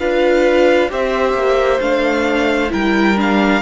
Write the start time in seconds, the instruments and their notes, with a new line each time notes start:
0.00 cello D4, viola F4, violin B4 F5
0.90 cello C4, viola G4, violin C5 E5
1.34 cello A#3
1.81 cello A3, viola D4, violin F5
2.70 cello G3, viola E4, violin A#4 G5
3.17 viola D4, violin F5